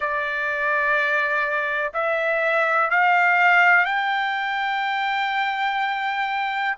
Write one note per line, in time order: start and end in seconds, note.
0.00 1.92 D5
1.93 2.90 E5
2.90 3.85 F5
3.85 6.75 G5